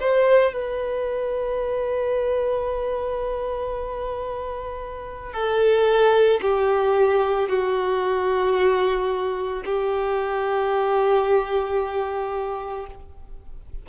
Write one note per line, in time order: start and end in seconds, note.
0.00 0.53 C5
0.53 5.33 B4
5.33 6.40 A4
6.41 7.49 G4
7.49 9.63 F#4
9.65 12.86 G4